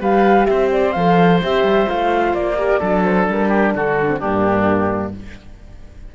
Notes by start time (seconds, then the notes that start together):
0.00 G3 G4 B4 F5
0.45 C4 C5 E5
0.72 D5
0.92 F3 A4 F5
1.42 C4 G4 E5
1.63 G3
1.86 A3 F4 F5
2.33 A#3 D5
2.57 G4 A#4
2.79 F#3 D4 A4
3.04 C5
3.28 G3 A#4
3.49 G4
3.75 D3 F#4 A4
4.08 C4
4.19 G2 A#3 D4 G4